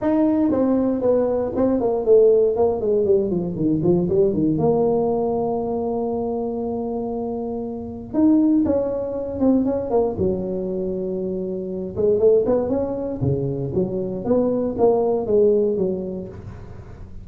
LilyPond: \new Staff \with { instrumentName = "tuba" } { \time 4/4 \tempo 4 = 118 dis'4 c'4 b4 c'8 ais8 | a4 ais8 gis8 g8 f8 dis8 f8 | g8 dis8 ais2.~ | ais1 |
dis'4 cis'4. c'8 cis'8 ais8 | fis2.~ fis8 gis8 | a8 b8 cis'4 cis4 fis4 | b4 ais4 gis4 fis4 | }